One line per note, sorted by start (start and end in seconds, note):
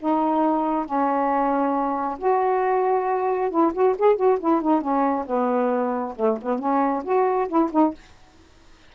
0.00 0.86 D#4
0.86 2.18 C#4
2.19 3.51 F#4
3.51 3.73 E4
3.74 3.96 F#4
3.98 4.16 G#4
4.16 4.38 F#4
4.40 4.62 E4
4.62 4.81 D#4
4.81 5.25 C#4
5.27 6.15 B3
6.16 6.38 A3
6.42 6.59 B3
6.59 7.03 C#4
7.04 7.48 F#4
7.48 7.70 E4
7.72 7.94 D#4